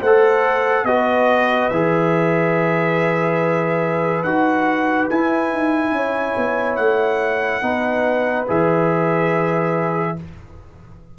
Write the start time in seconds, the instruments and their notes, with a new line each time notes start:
0.00 tuba A3, horn C5, trumpet F#5
0.06 trombone A4
0.84 tuba B3, trombone F#4, horn B4, trumpet D#5
1.69 tuba E3, trombone G#4, trumpet E5
4.23 tuba D#4, trombone F#4, trumpet F#5
5.10 tuba E4, trombone E4, trumpet G#5
5.52 tuba D#4
5.91 tuba C#4, horn C#5
6.37 tuba B3
6.76 tuba A3, trumpet F#5
7.62 tuba B3, trombone D#4, horn B4
8.47 tuba E3, trombone G#4, trumpet E5